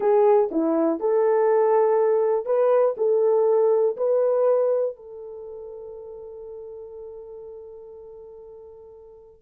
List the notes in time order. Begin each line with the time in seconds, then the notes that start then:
0.00 G#4
0.51 E4
1.00 A4
2.45 B4
2.97 A4
3.96 B4
4.96 A4